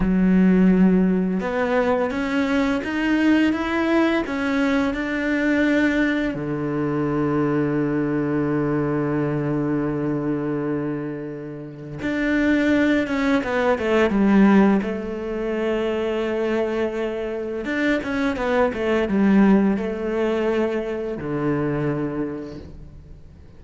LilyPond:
\new Staff \with { instrumentName = "cello" } { \time 4/4 \tempo 4 = 85 fis2 b4 cis'4 | dis'4 e'4 cis'4 d'4~ | d'4 d2.~ | d1~ |
d4 d'4. cis'8 b8 a8 | g4 a2.~ | a4 d'8 cis'8 b8 a8 g4 | a2 d2 | }